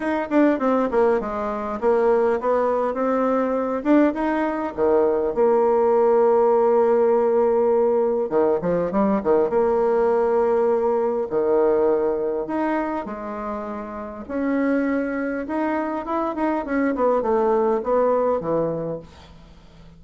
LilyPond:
\new Staff \with { instrumentName = "bassoon" } { \time 4/4 \tempo 4 = 101 dis'8 d'8 c'8 ais8 gis4 ais4 | b4 c'4. d'8 dis'4 | dis4 ais2.~ | ais2 dis8 f8 g8 dis8 |
ais2. dis4~ | dis4 dis'4 gis2 | cis'2 dis'4 e'8 dis'8 | cis'8 b8 a4 b4 e4 | }